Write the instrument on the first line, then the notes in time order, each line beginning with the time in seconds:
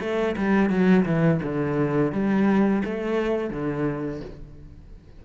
cello
0.00 A3
0.36 G3
0.69 F#3
1.05 E3
1.42 D3
2.12 G3
2.84 A3
3.50 D3